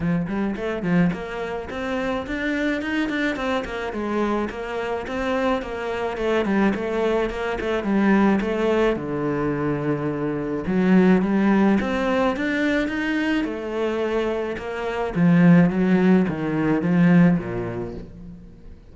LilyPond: \new Staff \with { instrumentName = "cello" } { \time 4/4 \tempo 4 = 107 f8 g8 a8 f8 ais4 c'4 | d'4 dis'8 d'8 c'8 ais8 gis4 | ais4 c'4 ais4 a8 g8 | a4 ais8 a8 g4 a4 |
d2. fis4 | g4 c'4 d'4 dis'4 | a2 ais4 f4 | fis4 dis4 f4 ais,4 | }